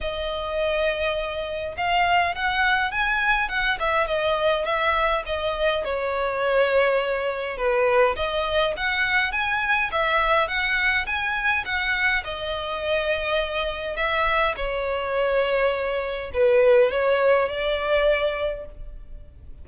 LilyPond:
\new Staff \with { instrumentName = "violin" } { \time 4/4 \tempo 4 = 103 dis''2. f''4 | fis''4 gis''4 fis''8 e''8 dis''4 | e''4 dis''4 cis''2~ | cis''4 b'4 dis''4 fis''4 |
gis''4 e''4 fis''4 gis''4 | fis''4 dis''2. | e''4 cis''2. | b'4 cis''4 d''2 | }